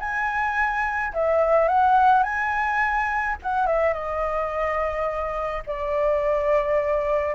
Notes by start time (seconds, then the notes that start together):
0.00 G#5
1.14 E5
1.69 F#5
2.23 G#5
3.43 F#5
3.67 E5
3.94 D#5
5.67 D5